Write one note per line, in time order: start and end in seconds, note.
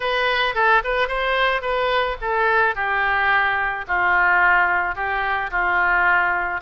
0.00 0.54 B4
0.54 0.82 A4
0.84 1.08 B4
1.08 1.61 C5
1.61 2.16 B4
2.21 2.75 A4
2.75 3.85 G4
3.87 4.95 F4
4.95 5.50 G4
5.50 6.61 F4